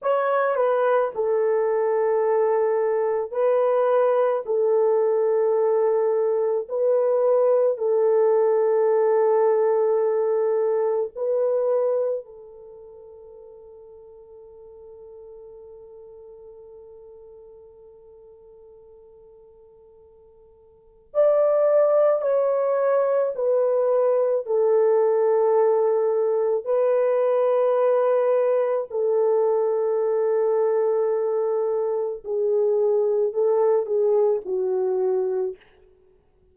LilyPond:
\new Staff \with { instrumentName = "horn" } { \time 4/4 \tempo 4 = 54 cis''8 b'8 a'2 b'4 | a'2 b'4 a'4~ | a'2 b'4 a'4~ | a'1~ |
a'2. d''4 | cis''4 b'4 a'2 | b'2 a'2~ | a'4 gis'4 a'8 gis'8 fis'4 | }